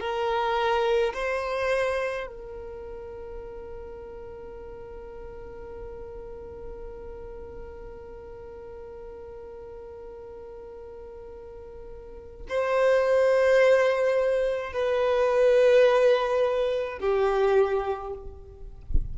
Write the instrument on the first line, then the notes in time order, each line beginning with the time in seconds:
violin
0.00 A#4
1.13 C5
2.27 A#4
12.48 C5
14.73 B4
17.00 G4